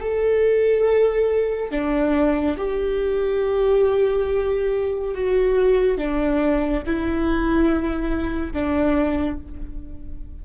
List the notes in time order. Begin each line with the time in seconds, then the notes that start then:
0.00 A4
1.71 D4
2.57 G4
5.14 F#4
5.98 D4
6.86 E4
8.53 D4